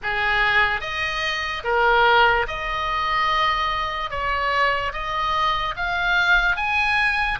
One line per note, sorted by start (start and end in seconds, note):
0.03 0.80 G#4
0.80 1.63 D#5
1.64 2.46 A#4
2.47 4.10 D#5
4.10 4.92 C#5
4.92 5.75 D#5
5.76 6.56 F5
6.56 7.38 G#5